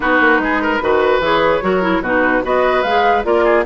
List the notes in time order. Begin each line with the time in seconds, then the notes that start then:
0.00 B3 D#4 F#4 B4
0.20 A#3
0.38 G#3 G#4
0.62 A#4
0.81 D#3 F#4 B4
1.19 E3 G#4 C#5
1.61 F#3 F#4 A#4
1.82 E4
2.01 B2 D#4 F#4 B4
2.43 B3 F#4 B4 D#5
2.82 G#3 G#4 F5
3.23 A#3 F4 A#4 D5
3.44 G#4